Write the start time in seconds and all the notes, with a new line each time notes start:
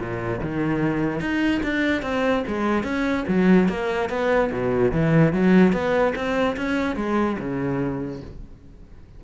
0.00 A#2
0.41 D#3
1.20 D#4
1.63 D4
2.03 C4
2.48 G#3
2.84 C#4
3.28 F#3
3.69 A#3
4.10 B3
4.53 B2
4.92 E3
5.33 F#3
5.73 B3
6.16 C4
6.57 C#4
6.96 G#3
7.40 C#3